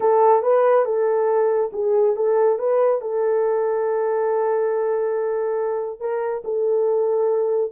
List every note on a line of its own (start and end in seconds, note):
0.00 0.42 A4
0.42 0.85 B4
0.85 1.70 A4
1.73 2.15 G#4
2.16 2.59 A4
2.59 3.01 B4
3.01 6.00 A4
6.00 6.43 A#4
6.44 7.71 A4